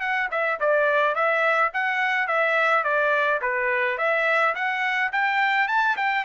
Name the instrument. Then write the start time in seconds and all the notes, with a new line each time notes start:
trumpet
0.00 F#5
0.31 E5
0.60 D5
1.15 E5
1.73 F#5
2.27 E5
2.84 D5
3.41 B4
3.98 E5
4.55 F#5
5.12 G5
5.68 A5
5.97 G5